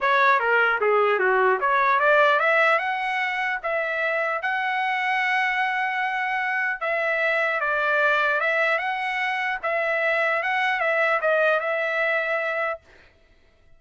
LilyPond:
\new Staff \with { instrumentName = "trumpet" } { \time 4/4 \tempo 4 = 150 cis''4 ais'4 gis'4 fis'4 | cis''4 d''4 e''4 fis''4~ | fis''4 e''2 fis''4~ | fis''1~ |
fis''4 e''2 d''4~ | d''4 e''4 fis''2 | e''2 fis''4 e''4 | dis''4 e''2. | }